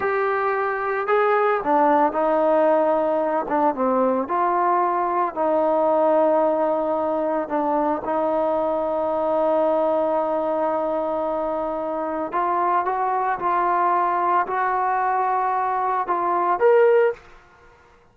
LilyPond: \new Staff \with { instrumentName = "trombone" } { \time 4/4 \tempo 4 = 112 g'2 gis'4 d'4 | dis'2~ dis'8 d'8 c'4 | f'2 dis'2~ | dis'2 d'4 dis'4~ |
dis'1~ | dis'2. f'4 | fis'4 f'2 fis'4~ | fis'2 f'4 ais'4 | }